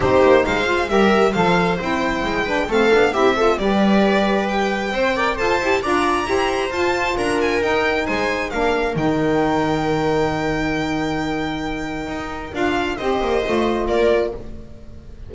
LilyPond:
<<
  \new Staff \with { instrumentName = "violin" } { \time 4/4 \tempo 4 = 134 c''4 f''4 e''4 f''4 | g''2 f''4 e''4 | d''2 g''2 | a''4 ais''2 a''4 |
ais''8 gis''8 g''4 gis''4 f''4 | g''1~ | g''1 | f''4 dis''2 d''4 | }
  \new Staff \with { instrumentName = "viola" } { \time 4/4 g'4 c''4 ais'4 c''4~ | c''4. b'8 a'4 g'8 a'8 | b'2. c''8 d''8 | c''4 d''4 c''2 |
ais'2 c''4 ais'4~ | ais'1~ | ais'1~ | ais'4 c''2 ais'4 | }
  \new Staff \with { instrumentName = "saxophone" } { \time 4/4 dis'4. f'8 g'4 a'4 | e'4. d'8 c'8 d'8 e'8 f'8 | g'2. c''8 ais'8 | a'8 g'8 f'4 g'4 f'4~ |
f'4 dis'2 d'4 | dis'1~ | dis'1 | f'4 g'4 f'2 | }
  \new Staff \with { instrumentName = "double bass" } { \time 4/4 c'8 ais8 gis4 g4 f4 | c'4 gis4 a8 b8 c'4 | g2. c'4 | f'8 e'8 d'4 e'4 f'4 |
d'4 dis'4 gis4 ais4 | dis1~ | dis2. dis'4 | d'4 c'8 ais8 a4 ais4 | }
>>